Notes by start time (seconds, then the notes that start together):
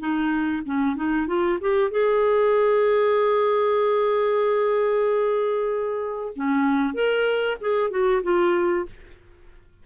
0.00 D#4
0.66 C#4
0.96 D#4
1.28 F4
1.61 G4
1.91 G#4
6.36 C#4
6.94 A#4
7.61 G#4
7.91 F#4
8.23 F4